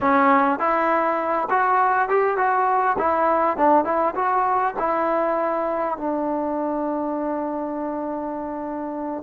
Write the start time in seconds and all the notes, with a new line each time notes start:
0.00 C#4
0.59 E4
1.50 F#4
2.08 G4
2.37 F#4
2.98 E4
3.57 D4
3.84 E4
4.15 F#4
4.78 E4
5.97 D4